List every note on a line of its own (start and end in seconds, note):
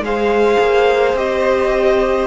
0.00 0.57 G#3
0.00 1.17 G#4
0.00 2.27 C5
0.00 1.18 F5
0.60 1.14 A#3
1.14 2.27 C4
1.14 2.27 G4
1.14 2.27 D#5